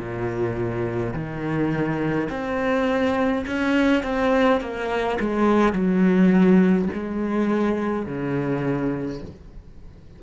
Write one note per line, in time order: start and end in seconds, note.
0.00 1.14 A#2
1.14 2.29 D#3
2.30 3.45 C4
3.47 4.04 C#4
4.04 4.61 C4
4.61 5.19 A#3
5.20 5.73 G#3
5.73 6.89 F#3
6.94 8.07 G#3
8.07 9.22 C#3